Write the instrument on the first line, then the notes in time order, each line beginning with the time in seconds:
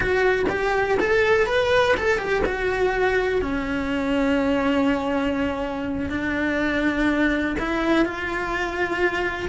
cello
0.00 F#4
0.49 G4
0.99 A4
1.46 B4
1.96 A4
2.18 G4
2.45 F#4
3.41 C#4
6.09 D4
7.59 E4
8.05 F4